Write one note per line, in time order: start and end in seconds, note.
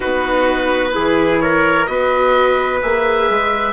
0.00 0.96 B3
0.00 0.92 D#4
0.00 0.91 F#4
0.00 1.39 B4
0.92 1.88 E3
0.92 1.86 E4
0.92 1.41 G#4
1.40 1.88 A#4
1.40 1.86 C#5
1.86 2.81 B3
1.86 2.80 F#4
1.86 3.73 B4
1.86 2.79 D#5
2.81 3.29 A#3
2.81 3.73 G#4
2.81 3.73 E5
3.29 3.73 G#3